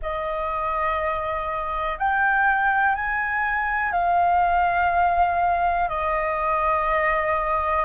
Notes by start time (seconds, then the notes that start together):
0.01 D#5
1.98 G5
2.95 G#5
3.92 F5
5.88 D#5